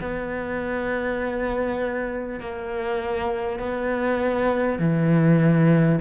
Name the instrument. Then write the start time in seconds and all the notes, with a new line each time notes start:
cello
0.00 B3
2.40 A#3
3.59 B3
4.78 E3